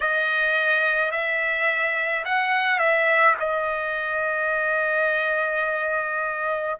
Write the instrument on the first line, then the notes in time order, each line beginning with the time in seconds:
trumpet
0.00 D#5
1.11 E5
2.24 F#5
2.78 E5
3.39 D#5